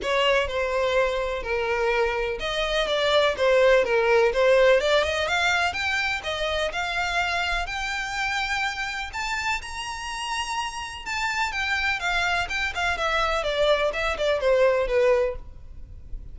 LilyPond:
\new Staff \with { instrumentName = "violin" } { \time 4/4 \tempo 4 = 125 cis''4 c''2 ais'4~ | ais'4 dis''4 d''4 c''4 | ais'4 c''4 d''8 dis''8 f''4 | g''4 dis''4 f''2 |
g''2. a''4 | ais''2. a''4 | g''4 f''4 g''8 f''8 e''4 | d''4 e''8 d''8 c''4 b'4 | }